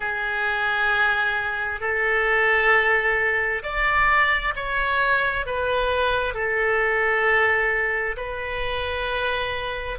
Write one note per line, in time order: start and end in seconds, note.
0.00 1.80 G#4
1.80 3.62 A4
3.62 4.53 D5
4.55 5.45 C#5
5.45 6.34 B4
6.34 8.16 A4
8.16 9.98 B4